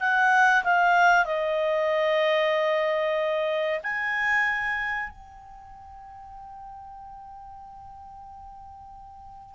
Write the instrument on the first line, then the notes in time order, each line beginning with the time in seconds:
clarinet
0.00 F#5
0.64 F5
1.25 D#5
3.83 G#5
5.09 G5